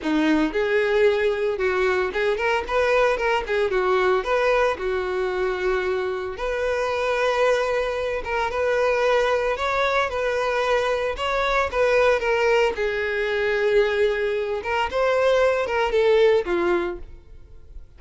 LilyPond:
\new Staff \with { instrumentName = "violin" } { \time 4/4 \tempo 4 = 113 dis'4 gis'2 fis'4 | gis'8 ais'8 b'4 ais'8 gis'8 fis'4 | b'4 fis'2. | b'2.~ b'8 ais'8 |
b'2 cis''4 b'4~ | b'4 cis''4 b'4 ais'4 | gis'2.~ gis'8 ais'8 | c''4. ais'8 a'4 f'4 | }